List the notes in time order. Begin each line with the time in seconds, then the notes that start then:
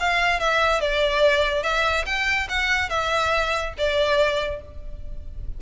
0.00 F5
0.40 E5
0.81 D5
1.64 E5
2.06 G5
2.49 F#5
2.90 E5
3.78 D5